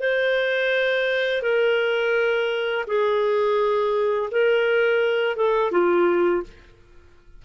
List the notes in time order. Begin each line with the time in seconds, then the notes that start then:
0.00 C5
1.43 A#4
2.87 G#4
4.31 A#4
5.36 A4
5.71 F4